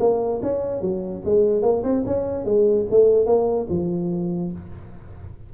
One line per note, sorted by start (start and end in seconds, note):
0.00 0.41 A#3
0.43 0.81 C#4
0.81 1.22 F#3
1.25 1.62 G#3
1.62 1.83 A#3
1.83 2.04 C4
2.06 2.45 C#4
2.45 2.86 G#3
2.90 3.26 A3
3.26 3.67 A#3
3.70 4.52 F3